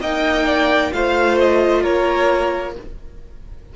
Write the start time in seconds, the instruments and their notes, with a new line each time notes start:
0.00 cello A#3, viola D#4, violin D#5 G5
0.45 violin D5
0.92 cello A3, viola F4, violin C5 F5
1.39 violin D#5
1.82 cello A#3, violin A#4 C#5